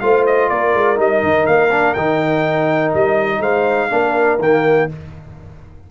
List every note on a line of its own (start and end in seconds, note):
0.00 0.51 A3
0.00 0.96 F4
0.00 0.51 C5
0.00 0.24 F5
0.26 0.49 D#5
0.49 0.74 A#3
0.49 3.41 A#4
0.49 0.98 D5
0.74 0.98 G#3
0.96 1.23 G3
0.96 1.69 D#4
0.96 1.47 D#5
1.23 1.47 D#3
1.47 1.96 A#3
1.47 1.94 F5
1.71 1.96 D4
1.94 2.94 D#3
1.94 3.90 D#4
1.94 2.92 G5
2.95 3.40 G3
2.95 3.42 D#5
3.40 3.89 G#3
3.40 3.90 C5
3.40 4.40 F5
3.90 4.40 A#3
3.90 4.39 D4
3.90 4.91 A#4
4.40 4.88 D#3
4.40 4.89 A#3
4.40 4.91 G5